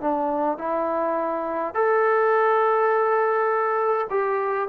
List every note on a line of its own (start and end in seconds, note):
0.00 0.58 D4
0.58 1.74 E4
1.74 4.07 A4
4.10 4.68 G4